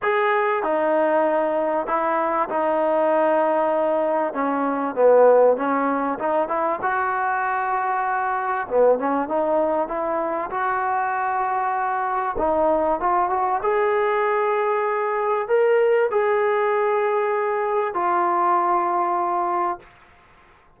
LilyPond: \new Staff \with { instrumentName = "trombone" } { \time 4/4 \tempo 4 = 97 gis'4 dis'2 e'4 | dis'2. cis'4 | b4 cis'4 dis'8 e'8 fis'4~ | fis'2 b8 cis'8 dis'4 |
e'4 fis'2. | dis'4 f'8 fis'8 gis'2~ | gis'4 ais'4 gis'2~ | gis'4 f'2. | }